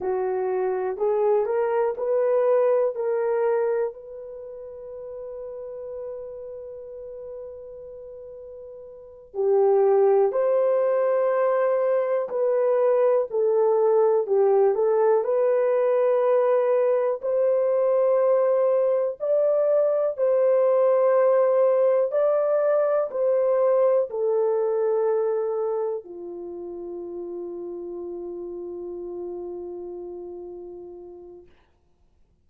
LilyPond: \new Staff \with { instrumentName = "horn" } { \time 4/4 \tempo 4 = 61 fis'4 gis'8 ais'8 b'4 ais'4 | b'1~ | b'4. g'4 c''4.~ | c''8 b'4 a'4 g'8 a'8 b'8~ |
b'4. c''2 d''8~ | d''8 c''2 d''4 c''8~ | c''8 a'2 f'4.~ | f'1 | }